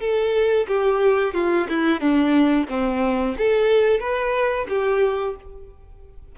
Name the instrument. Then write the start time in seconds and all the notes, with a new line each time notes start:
violin
0.00 A4
0.67 G4
1.34 F4
1.69 E4
2.00 D4
2.69 C4
3.38 A4
4.00 B4
4.68 G4